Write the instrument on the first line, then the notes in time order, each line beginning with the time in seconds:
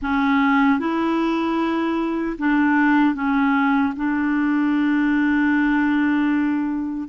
clarinet
0.01 C#4
0.79 E4
2.38 D4
3.14 C#4
3.96 D4